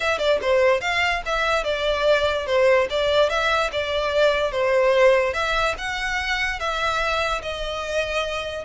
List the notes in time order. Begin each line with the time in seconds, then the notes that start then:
0.00 E5
0.18 D5
0.41 C5
0.81 F5
1.25 E5
1.64 D5
2.46 C5
2.90 D5
3.29 E5
3.71 D5
4.51 C5
5.33 E5
5.77 F#5
6.59 E5
7.42 D#5